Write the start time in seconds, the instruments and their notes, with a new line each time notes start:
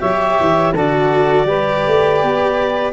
0.00 tuba F#3, cello G4, saxophone C#5, clarinet E5
0.40 tuba E3
0.73 tuba D3, cello F#4, saxophone A4, clarinet D5
1.45 tuba G3, cello G4, saxophone B4
1.87 tuba A3
2.23 tuba B3